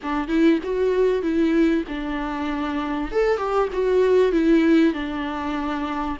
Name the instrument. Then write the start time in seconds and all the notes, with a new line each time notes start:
viola
0.03 D4
0.28 E4
0.63 F#4
1.22 E4
1.88 D4
3.11 A4
3.37 G4
3.73 F#4
4.32 E4
4.93 D4